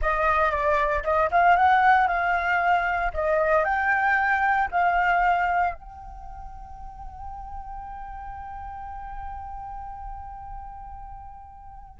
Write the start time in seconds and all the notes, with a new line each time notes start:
0.01 D#5
0.51 D5
1.03 D#5
1.31 F5
1.56 F#5
2.07 F5
3.13 D#5
3.64 G5
4.71 F5
5.74 G5